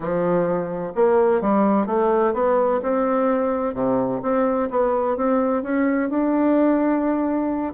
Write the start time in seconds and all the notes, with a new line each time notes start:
0.00 F3
0.95 A#3
1.41 G3
1.86 A3
2.33 B3
2.82 C4
3.74 C3
4.22 C4
4.70 B3
5.16 C4
5.62 C#4
6.09 D4